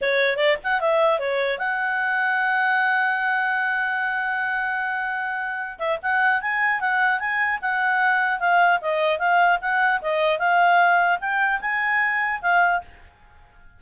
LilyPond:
\new Staff \with { instrumentName = "clarinet" } { \time 4/4 \tempo 4 = 150 cis''4 d''8 fis''8 e''4 cis''4 | fis''1~ | fis''1~ | fis''2~ fis''8 e''8 fis''4 |
gis''4 fis''4 gis''4 fis''4~ | fis''4 f''4 dis''4 f''4 | fis''4 dis''4 f''2 | g''4 gis''2 f''4 | }